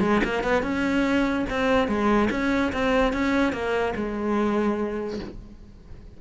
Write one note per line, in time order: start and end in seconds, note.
0.00 0.21 G#3
0.24 0.43 A#3
0.43 0.62 B3
0.62 1.45 C#4
1.50 1.88 C4
1.88 2.29 G#3
2.30 2.72 C#4
2.73 3.13 C4
3.13 3.52 C#4
3.52 3.94 A#3
3.95 5.19 G#3